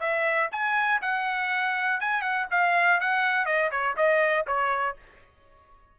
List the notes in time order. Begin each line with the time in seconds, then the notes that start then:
0.00 E5
0.52 G#5
1.02 F#5
2.01 G#5
2.22 F#5
2.51 F5
3.00 F#5
3.46 D#5
3.71 C#5
3.97 D#5
4.47 C#5